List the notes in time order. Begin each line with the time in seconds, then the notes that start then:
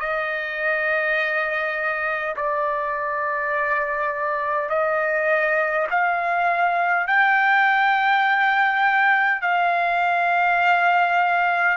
0.00 D#5
2.36 D5
4.70 D#5
5.90 F5
7.07 G5
9.42 F5